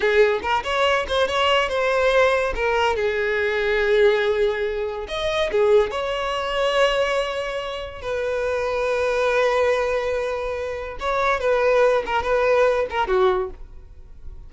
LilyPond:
\new Staff \with { instrumentName = "violin" } { \time 4/4 \tempo 4 = 142 gis'4 ais'8 cis''4 c''8 cis''4 | c''2 ais'4 gis'4~ | gis'1 | dis''4 gis'4 cis''2~ |
cis''2. b'4~ | b'1~ | b'2 cis''4 b'4~ | b'8 ais'8 b'4. ais'8 fis'4 | }